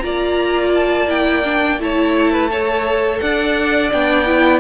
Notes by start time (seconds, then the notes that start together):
0.00 A#3 F4 D5 A#5
0.75 A5
1.08 E4 G5
1.45 D4
1.79 A3 E4 C#5 A5
2.32 B4
2.51 A4 C#5
3.20 D4 D5 F#5
3.92 B3 D4 G5
4.26 E4